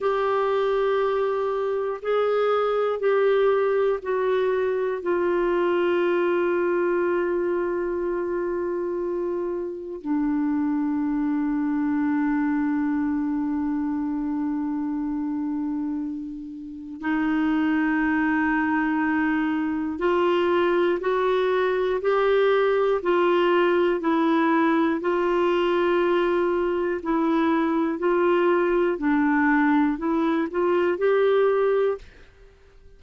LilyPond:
\new Staff \with { instrumentName = "clarinet" } { \time 4/4 \tempo 4 = 60 g'2 gis'4 g'4 | fis'4 f'2.~ | f'2 d'2~ | d'1~ |
d'4 dis'2. | f'4 fis'4 g'4 f'4 | e'4 f'2 e'4 | f'4 d'4 e'8 f'8 g'4 | }